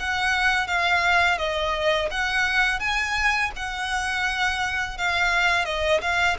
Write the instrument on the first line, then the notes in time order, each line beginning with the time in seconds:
violin
0.00 F#5
0.68 F5
1.38 D#5
2.11 F#5
2.80 G#5
3.56 F#5
4.98 F5
5.65 D#5
6.01 F5